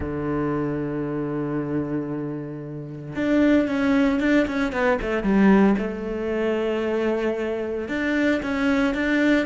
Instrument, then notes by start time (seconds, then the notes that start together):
cello
0.00 D3
3.15 D4
3.68 C#4
4.20 D4
4.47 C#4
4.72 B3
5.01 A3
5.23 G3
5.78 A3
7.88 D4
8.42 C#4
8.94 D4